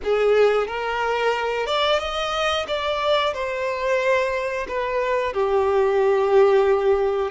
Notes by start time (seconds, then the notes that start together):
0.03 G#4
0.67 A#4
1.66 D5
1.99 D#5
2.67 D5
3.33 C5
4.68 B4
5.33 G4